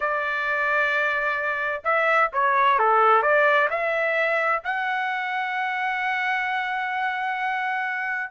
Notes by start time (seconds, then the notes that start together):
0.00 D5
1.84 E5
2.32 C#5
2.78 A4
3.22 D5
3.70 E5
4.64 F#5